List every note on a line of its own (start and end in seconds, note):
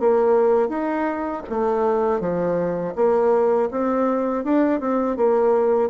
0.00 0.69 A#3
0.69 1.43 D#4
1.50 2.21 A3
2.21 2.95 F3
2.96 3.70 A#3
3.71 4.44 C4
4.44 4.80 D4
4.80 5.17 C4
5.17 5.90 A#3